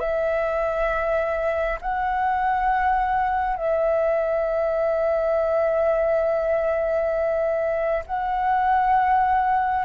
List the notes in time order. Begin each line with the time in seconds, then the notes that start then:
0.00 E5
1.82 F#5
3.57 E5
8.07 F#5